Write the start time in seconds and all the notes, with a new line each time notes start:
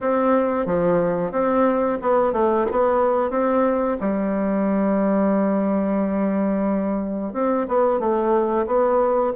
0.01 C4
0.66 F3
1.31 C4
2.02 B3
2.32 A3
2.71 B3
3.30 C4
4.00 G3
7.33 C4
7.68 B3
7.99 A3
8.66 B3